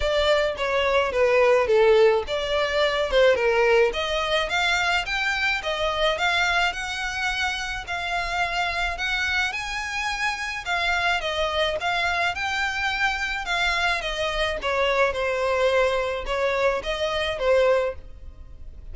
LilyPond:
\new Staff \with { instrumentName = "violin" } { \time 4/4 \tempo 4 = 107 d''4 cis''4 b'4 a'4 | d''4. c''8 ais'4 dis''4 | f''4 g''4 dis''4 f''4 | fis''2 f''2 |
fis''4 gis''2 f''4 | dis''4 f''4 g''2 | f''4 dis''4 cis''4 c''4~ | c''4 cis''4 dis''4 c''4 | }